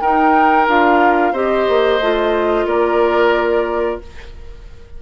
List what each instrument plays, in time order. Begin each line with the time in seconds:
0.00 bassoon D#4, clarinet D#4, oboe A#4, flute G5
0.67 bassoon D4, clarinet F4, flute F5
1.32 bassoon C4, clarinet G4, oboe C5, flute D#5
1.68 bassoon A#3
1.99 bassoon A3, clarinet F4
2.66 bassoon A#3, oboe A#4, flute D5